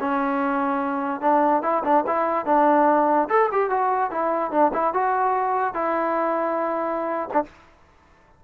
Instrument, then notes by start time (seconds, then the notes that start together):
trombone
0.00 C#4
1.21 D4
1.62 E4
1.84 D4
2.07 E4
2.45 D4
3.29 A4
3.52 G4
3.70 F#4
4.11 E4
4.51 D4
4.73 E4
4.93 F#4
5.74 E4
7.33 D4